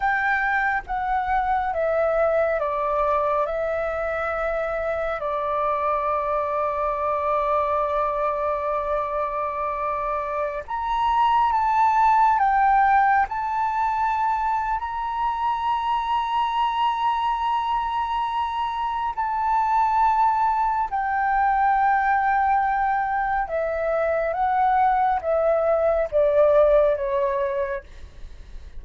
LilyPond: \new Staff \with { instrumentName = "flute" } { \time 4/4 \tempo 4 = 69 g''4 fis''4 e''4 d''4 | e''2 d''2~ | d''1~ | d''16 ais''4 a''4 g''4 a''8.~ |
a''4 ais''2.~ | ais''2 a''2 | g''2. e''4 | fis''4 e''4 d''4 cis''4 | }